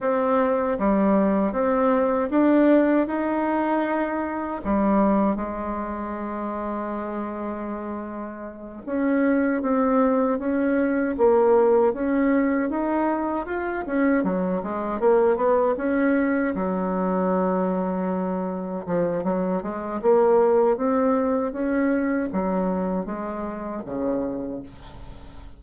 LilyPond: \new Staff \with { instrumentName = "bassoon" } { \time 4/4 \tempo 4 = 78 c'4 g4 c'4 d'4 | dis'2 g4 gis4~ | gis2.~ gis8 cis'8~ | cis'8 c'4 cis'4 ais4 cis'8~ |
cis'8 dis'4 f'8 cis'8 fis8 gis8 ais8 | b8 cis'4 fis2~ fis8~ | fis8 f8 fis8 gis8 ais4 c'4 | cis'4 fis4 gis4 cis4 | }